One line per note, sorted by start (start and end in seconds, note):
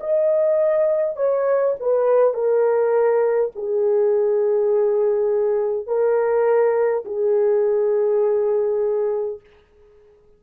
0.00 1.16 D#5
1.16 1.75 C#5
1.79 2.33 B4
2.33 3.51 A#4
3.55 5.86 G#4
5.86 7.04 A#4
7.04 9.40 G#4